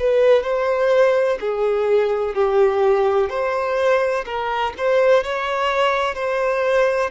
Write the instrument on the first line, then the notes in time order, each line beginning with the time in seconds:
violin
0.00 B4
0.43 C5
1.41 G#4
2.35 G4
3.30 C5
4.26 A#4
4.78 C5
5.24 C#5
6.15 C5